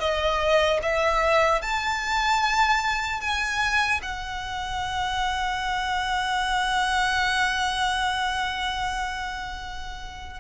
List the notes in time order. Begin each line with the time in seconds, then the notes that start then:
0.00 D#5
0.83 E5
1.62 A5
3.21 G#5
4.02 F#5